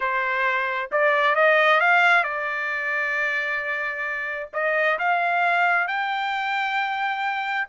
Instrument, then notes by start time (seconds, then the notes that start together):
trumpet
0.00 C5
0.91 D5
1.35 D#5
1.80 F5
2.23 D5
4.53 D#5
4.98 F5
5.87 G5